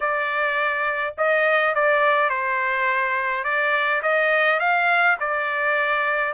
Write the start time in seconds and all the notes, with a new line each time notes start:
0.00 D5
1.17 D#5
1.74 D5
2.29 C5
3.44 D5
4.02 D#5
4.59 F5
5.20 D5